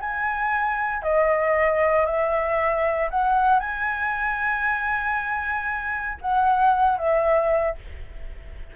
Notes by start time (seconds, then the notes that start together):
0.00 G#5
1.02 D#5
2.05 E5
3.10 F#5
3.59 G#5
6.21 F#5
6.98 E5